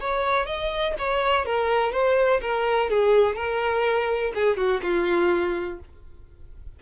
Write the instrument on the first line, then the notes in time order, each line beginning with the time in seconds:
violin
0.00 C#5
0.46 D#5
0.98 C#5
1.45 A#4
1.92 C5
2.41 A#4
2.90 G#4
3.35 A#4
4.34 G#4
4.57 F#4
4.83 F4